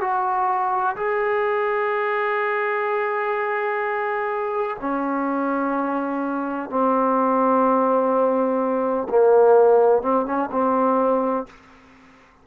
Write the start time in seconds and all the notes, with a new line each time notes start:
0.00 F#4
0.96 G#4
4.80 C#4
6.69 C4
9.09 A#3
10.02 C4
10.26 C#4
10.51 C4